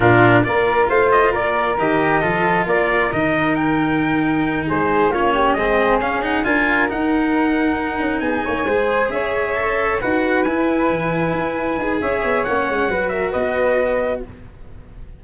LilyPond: <<
  \new Staff \with { instrumentName = "trumpet" } { \time 4/4 \tempo 4 = 135 ais'4 d''4 f''8 dis''8 d''4 | dis''2 d''4 dis''4 | g''2~ g''8 c''4 cis''8~ | cis''8 dis''4 f''8 fis''8 gis''4 fis''8~ |
fis''2~ fis''8 gis''4.~ | gis''8 e''2 fis''4 gis''8~ | gis''2. e''4 | fis''4. e''8 dis''2 | }
  \new Staff \with { instrumentName = "flute" } { \time 4/4 f'4 ais'4 c''4 ais'4~ | ais'4 a'4 ais'2~ | ais'2~ ais'8 gis'4 f'8 | g'8 gis'2 ais'4.~ |
ais'2~ ais'8 gis'8 cis''8 c''8~ | c''8 cis''2 b'4.~ | b'2. cis''4~ | cis''4 b'8 ais'8 b'2 | }
  \new Staff \with { instrumentName = "cello" } { \time 4/4 d'4 f'2. | g'4 f'2 dis'4~ | dis'2.~ dis'8 cis'8~ | cis'8 c'4 cis'8 dis'8 f'4 dis'8~ |
dis'2.~ dis'8 gis'8~ | gis'4. a'4 fis'4 e'8~ | e'2~ e'8 gis'4. | cis'4 fis'2. | }
  \new Staff \with { instrumentName = "tuba" } { \time 4/4 ais,4 ais4 a4 ais4 | dis4 f4 ais4 dis4~ | dis2~ dis8 gis4 ais8~ | ais8 gis4 cis'4 d'4 dis'8~ |
dis'2 cis'8 b8 ais8 gis8~ | gis8 cis'2 dis'4 e'8~ | e'8 e4 e'4 dis'8 cis'8 b8 | ais8 gis8 fis4 b2 | }
>>